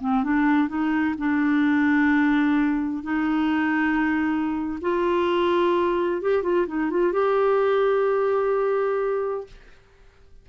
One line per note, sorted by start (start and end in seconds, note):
0.00 0.23 C4
0.23 0.68 D4
0.68 1.15 D#4
1.18 3.03 D4
3.03 4.79 D#4
4.81 6.21 F4
6.21 6.43 G4
6.43 6.66 F4
6.67 6.90 D#4
6.90 7.12 F4
7.12 9.47 G4